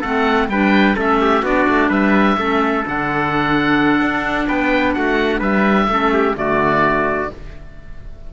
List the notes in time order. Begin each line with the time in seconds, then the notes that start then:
0.00 A3 C4 A4 F#5
0.48 G3 D4 B4 G5
0.95 A3 C#4 A4 E5
1.20 G4
1.42 B3 D4 F#4 D5
1.68 A3
1.88 G3 B4 E5
2.37 A3 C#4 A4
2.83 D3 D4 F#5
4.00 D4
4.47 B3 B4 G5
4.93 A3 F#4 F#5
5.38 G3 B4 E5
5.88 A3 C#4 A4
6.13 G4
6.34 D3 A3 F#4 D5